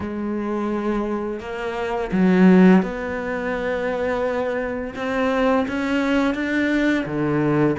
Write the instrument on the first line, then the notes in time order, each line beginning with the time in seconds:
cello
0.00 G#3
1.40 A#3
2.12 F#3
2.82 B3
4.95 C4
5.68 C#4
6.34 D4
7.05 D3